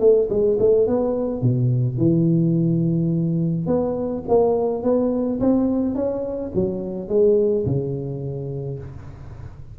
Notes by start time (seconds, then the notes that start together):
0.00 A3
0.30 G#3
0.60 A3
0.87 B3
1.42 B2
1.98 E3
3.67 B3
4.29 A#3
4.83 B3
5.40 C4
5.95 C#4
6.55 F#3
7.09 G#3
7.66 C#3